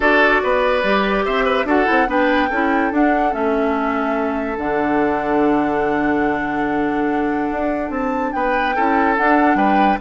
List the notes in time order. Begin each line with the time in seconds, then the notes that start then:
0.00 D4 F#4 A4 D5
0.43 B3 B4
0.83 G3 G4
1.25 C4 C5 E5
1.45 B4
1.64 D4 F#4 A4 F#5
1.85 C4 E4
2.07 B3 D4 B4 G5
2.49 C#4 E4 A4
2.91 D4 F#5
3.31 A3 C#4 E5
4.57 D3 D4 F#5
7.51 D4
7.89 C4 A5
8.32 B3 B4 G5
8.75 C#4 E4 A4
9.16 D4 F#5
9.55 G3 B4 G5